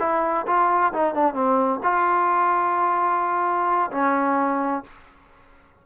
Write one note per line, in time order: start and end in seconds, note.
0.00 0.46 E4
0.47 0.93 F4
0.93 1.15 D#4
1.15 1.34 D4
1.34 1.80 C4
1.83 3.91 F4
3.91 4.84 C#4